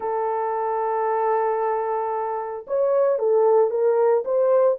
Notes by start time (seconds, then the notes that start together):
0.00 A4
2.67 C#5
3.19 A4
3.70 A#4
4.25 C5